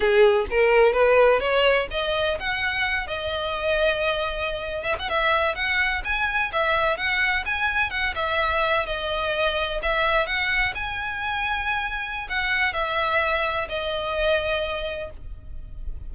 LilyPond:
\new Staff \with { instrumentName = "violin" } { \time 4/4 \tempo 4 = 127 gis'4 ais'4 b'4 cis''4 | dis''4 fis''4. dis''4.~ | dis''2~ dis''16 e''16 fis''16 e''4 fis''16~ | fis''8. gis''4 e''4 fis''4 gis''16~ |
gis''8. fis''8 e''4. dis''4~ dis''16~ | dis''8. e''4 fis''4 gis''4~ gis''16~ | gis''2 fis''4 e''4~ | e''4 dis''2. | }